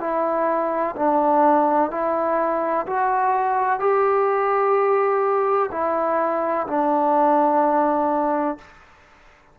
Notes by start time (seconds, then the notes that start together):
0.00 E4
0.96 D4
1.91 E4
2.87 F#4
3.80 G4
5.71 E4
6.68 D4